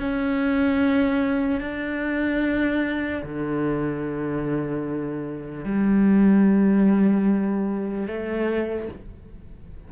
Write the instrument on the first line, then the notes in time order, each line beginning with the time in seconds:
cello
0.00 C#4
1.61 D4
3.24 D3
5.65 G3
8.07 A3